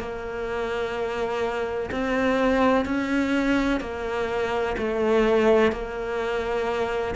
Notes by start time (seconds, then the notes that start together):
0.00 A#3
1.92 C4
2.86 C#4
3.81 A#3
4.78 A3
5.72 A#3